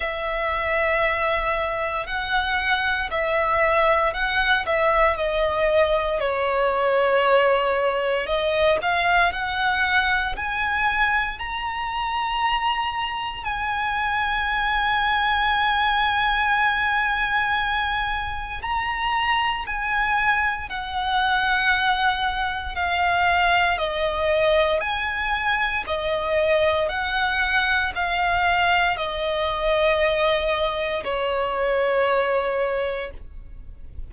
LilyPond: \new Staff \with { instrumentName = "violin" } { \time 4/4 \tempo 4 = 58 e''2 fis''4 e''4 | fis''8 e''8 dis''4 cis''2 | dis''8 f''8 fis''4 gis''4 ais''4~ | ais''4 gis''2.~ |
gis''2 ais''4 gis''4 | fis''2 f''4 dis''4 | gis''4 dis''4 fis''4 f''4 | dis''2 cis''2 | }